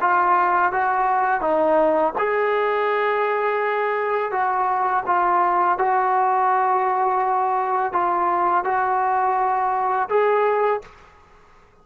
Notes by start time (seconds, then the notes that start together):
0.00 F4
0.72 F#4
1.41 D#4
2.18 G#4
4.31 F#4
5.06 F4
5.78 F#4
7.92 F4
8.64 F#4
10.09 G#4